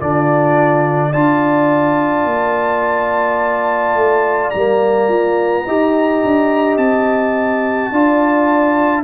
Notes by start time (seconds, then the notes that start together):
0.00 D3 D4 F4 D5
1.10 D4 F4 D5 A5
2.25 A#3
3.94 A3
4.50 G3 A#3 A#5
5.08 F4
5.66 D#4 G4 D#5
6.24 D4
6.77 C4 A5
7.92 D4 F4 D5